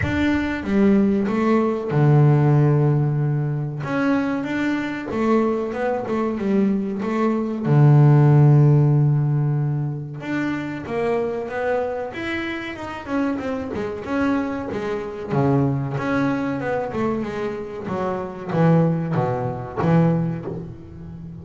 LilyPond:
\new Staff \with { instrumentName = "double bass" } { \time 4/4 \tempo 4 = 94 d'4 g4 a4 d4~ | d2 cis'4 d'4 | a4 b8 a8 g4 a4 | d1 |
d'4 ais4 b4 e'4 | dis'8 cis'8 c'8 gis8 cis'4 gis4 | cis4 cis'4 b8 a8 gis4 | fis4 e4 b,4 e4 | }